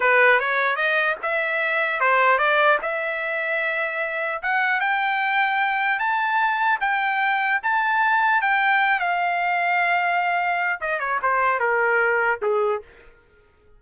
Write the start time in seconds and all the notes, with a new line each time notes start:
0.00 B4
0.39 C#5
0.75 D#5
1.22 E5
2.00 C5
2.38 D5
2.81 E5
4.42 F#5
4.80 G5
5.99 A5
6.80 G5
7.63 A5
8.41 G5
8.99 F5
10.80 D#5
10.99 C#5
11.22 C5
11.59 A#4
12.41 G#4